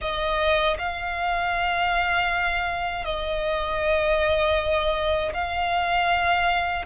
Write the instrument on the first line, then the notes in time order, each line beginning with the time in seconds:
violin
0.01 D#5
0.78 F5
3.04 D#5
5.33 F5